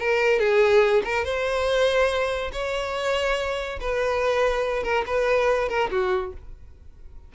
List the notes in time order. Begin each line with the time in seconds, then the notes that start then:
0.00 A#4
0.40 G#4
1.05 A#4
1.25 C5
2.53 C#5
3.81 B4
4.84 A#4
5.07 B4
5.69 A#4
5.91 F#4